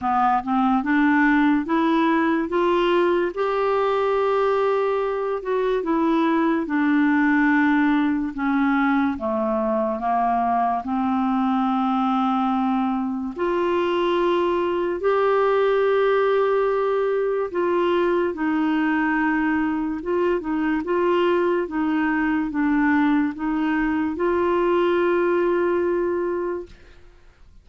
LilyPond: \new Staff \with { instrumentName = "clarinet" } { \time 4/4 \tempo 4 = 72 b8 c'8 d'4 e'4 f'4 | g'2~ g'8 fis'8 e'4 | d'2 cis'4 a4 | ais4 c'2. |
f'2 g'2~ | g'4 f'4 dis'2 | f'8 dis'8 f'4 dis'4 d'4 | dis'4 f'2. | }